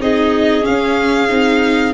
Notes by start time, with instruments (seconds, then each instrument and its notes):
0.00 tuba C4, viola D#4, clarinet G#4, violin D#5
0.61 viola C#4, violin F5
0.67 tuba C#4
1.28 tuba C4, viola D#4